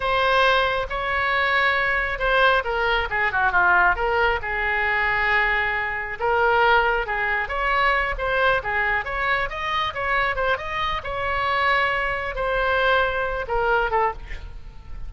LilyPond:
\new Staff \with { instrumentName = "oboe" } { \time 4/4 \tempo 4 = 136 c''2 cis''2~ | cis''4 c''4 ais'4 gis'8 fis'8 | f'4 ais'4 gis'2~ | gis'2 ais'2 |
gis'4 cis''4. c''4 gis'8~ | gis'8 cis''4 dis''4 cis''4 c''8 | dis''4 cis''2. | c''2~ c''8 ais'4 a'8 | }